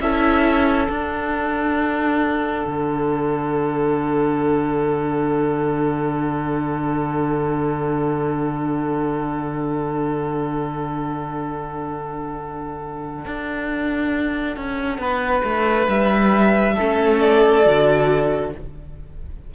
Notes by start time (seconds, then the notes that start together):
0.00 C#4 E4 A4 E5
0.88 D4 F#5
2.67 D3
13.25 D4
14.57 C#4
14.98 B3 B4
15.44 A3
15.87 G3 E5
16.74 C#4 A4
16.80 A3
17.20 D5
17.64 D3 F#4